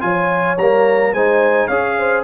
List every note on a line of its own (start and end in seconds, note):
0.00 0.57 F3
0.00 0.56 F4
0.00 1.12 C#5
0.00 0.56 G#5
0.57 1.12 G3
0.57 1.16 A#3
0.57 1.13 A#5
1.12 1.68 G#3
1.12 1.70 D#4
1.12 1.67 C5
1.12 1.67 G#5
1.67 2.23 C#4
1.67 2.23 G#4
1.67 1.95 C#5
1.67 2.23 F5
1.98 2.23 C5